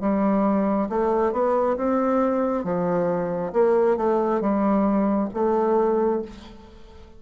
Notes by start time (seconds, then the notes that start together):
0.00 G3
0.89 A3
1.32 B3
1.76 C4
2.64 F3
3.53 A#3
3.96 A3
4.40 G3
5.33 A3